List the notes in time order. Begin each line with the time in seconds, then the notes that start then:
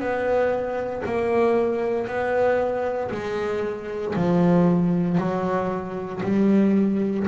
0.00 B3
1.06 A#3
2.08 B3
3.12 G#3
4.16 F3
5.18 F#3
6.23 G3